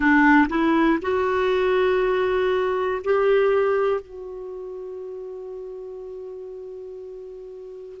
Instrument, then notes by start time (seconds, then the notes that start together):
clarinet
0.00 D4
0.49 E4
1.01 F#4
3.04 G4
4.00 F#4